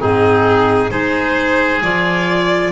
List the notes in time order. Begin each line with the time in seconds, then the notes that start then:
0.00 G#2 C4 D#4 G#4
0.89 G#3 D#4 G#4 C5
1.83 F3 F4 D5